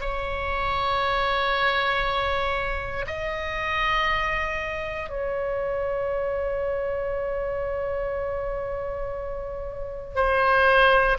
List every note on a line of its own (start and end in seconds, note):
0.00 3.05 C#5
3.06 5.09 D#5
5.09 10.15 C#5
10.15 11.17 C5